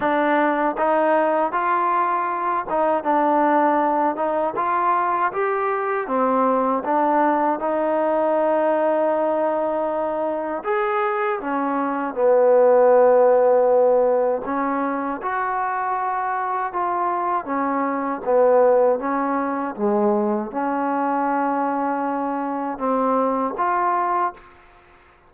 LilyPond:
\new Staff \with { instrumentName = "trombone" } { \time 4/4 \tempo 4 = 79 d'4 dis'4 f'4. dis'8 | d'4. dis'8 f'4 g'4 | c'4 d'4 dis'2~ | dis'2 gis'4 cis'4 |
b2. cis'4 | fis'2 f'4 cis'4 | b4 cis'4 gis4 cis'4~ | cis'2 c'4 f'4 | }